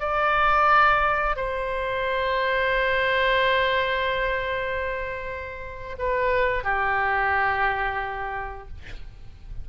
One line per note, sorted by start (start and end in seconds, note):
0.00 1.36 D5
1.36 5.97 C5
5.99 6.64 B4
6.64 8.68 G4